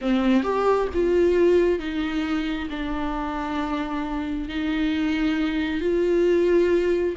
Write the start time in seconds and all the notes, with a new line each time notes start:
0.01 C4
0.43 G4
0.94 F4
1.79 D#4
2.70 D4
4.48 D#4
5.80 F4